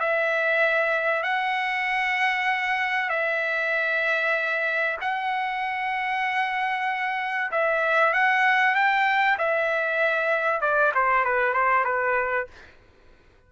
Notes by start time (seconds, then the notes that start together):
0.00 E5
1.23 F#5
3.10 E5
5.01 F#5
7.51 E5
8.14 F#5
8.75 G5
9.38 E5
10.61 D5
10.95 C5
11.25 B4
11.54 C5
11.85 B4